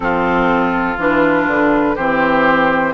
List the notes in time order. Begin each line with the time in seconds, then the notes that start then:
0.00 F3 C4 F4 A4
0.98 E3 D4 B4
1.46 D3
1.95 E3 C4 G4 C5